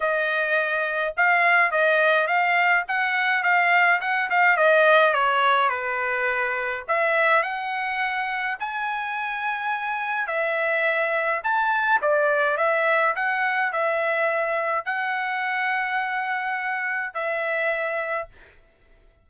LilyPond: \new Staff \with { instrumentName = "trumpet" } { \time 4/4 \tempo 4 = 105 dis''2 f''4 dis''4 | f''4 fis''4 f''4 fis''8 f''8 | dis''4 cis''4 b'2 | e''4 fis''2 gis''4~ |
gis''2 e''2 | a''4 d''4 e''4 fis''4 | e''2 fis''2~ | fis''2 e''2 | }